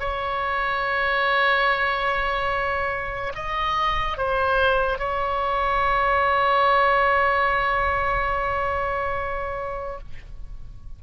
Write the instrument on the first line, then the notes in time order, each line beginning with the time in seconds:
oboe
0.00 C#5
3.36 D#5
4.18 C5
4.99 C#5